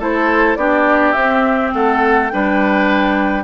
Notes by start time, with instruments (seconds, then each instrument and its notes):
0.00 bassoon A3, clarinet E4, oboe A4, flute C5
0.56 bassoon B3, clarinet D4, oboe G4, flute D5
1.13 bassoon C4, clarinet C4, flute E5
1.74 bassoon A3, oboe A4, flute F#5
2.29 bassoon G3, clarinet D4, oboe B4, flute G5